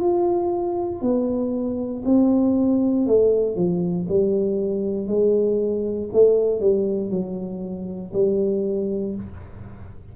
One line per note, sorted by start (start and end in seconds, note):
0.00 1.01 F4
1.01 2.02 B3
2.04 3.06 C4
3.06 3.55 A3
3.55 4.06 F3
4.08 5.07 G3
5.07 6.09 G#3
6.12 6.60 A3
6.60 7.10 G3
7.10 8.12 F#3
8.13 9.15 G3